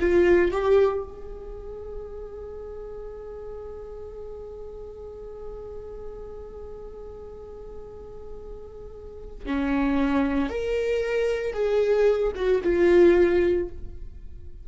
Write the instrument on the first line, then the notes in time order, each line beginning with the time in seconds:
viola
0.00 F4
0.52 G4
1.04 G#4
9.46 C#4
10.50 A#4
11.54 G#4
12.36 F#4
12.63 F4